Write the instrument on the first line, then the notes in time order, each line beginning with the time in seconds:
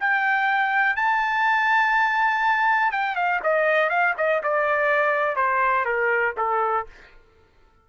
trumpet
0.00 G5
0.96 A5
2.92 G5
3.15 F5
3.43 D#5
3.89 F5
4.17 D#5
4.43 D5
5.36 C5
5.85 A#4
6.37 A4